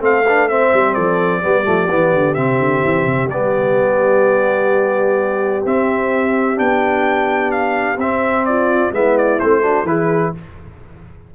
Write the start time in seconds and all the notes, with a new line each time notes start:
0.00 A3 C4 A4 F5
0.25 D4 B4
0.48 C4 C5 E5
0.73 G3
0.94 F3 A4 D5
1.42 G3 B3 G4
1.64 F3 A3
1.90 E3 B3
2.14 D3
2.34 C3 C4 E5
2.59 D3
2.84 E3
3.05 C3
3.28 G3 B3 D5
5.65 C4 E5
6.56 B3 D4 G5
7.51 F5
7.97 C4 E5
8.45 F4 D5
8.92 G#3 B3 E4 E5
9.17 D5
9.39 A3 C4 C5
9.62 D4 F#4
9.84 E3 E4 G#4 B4